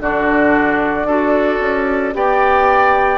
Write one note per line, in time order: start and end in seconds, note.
0.00 1.04 D3
0.00 1.07 D4
0.00 1.07 F#4
0.00 2.15 D5
1.04 1.58 D4
1.04 2.13 F#4
1.04 2.14 A4
1.60 2.14 C#4
2.13 3.18 B3
2.13 3.18 G4
2.13 3.18 D5
2.13 3.18 G5